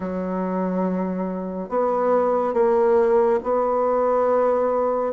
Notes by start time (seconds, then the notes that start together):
0.00 F#3
1.69 B3
2.53 A#3
3.43 B3